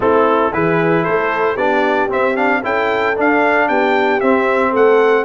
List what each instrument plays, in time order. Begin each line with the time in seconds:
0.00 tuba A3, trombone C4, horn E4, trumpet A4
0.53 tuba E3, trombone E4, horn G#4, trumpet B4
1.03 tuba A3, horn A4, trumpet C5
1.54 tuba B3, trombone D4, horn G4, trumpet D5
2.09 trombone C4, tuba C4, trumpet E5
2.35 trombone D4, trumpet F5
2.63 tuba C#4, trombone E4, horn A4, trumpet G5
3.15 trombone D4, tuba D4, trumpet F5
3.68 tuba B3, horn G4, trumpet G5
4.20 tuba C4, trombone C4, trumpet E5
4.70 tuba A3, horn A4, trumpet F#5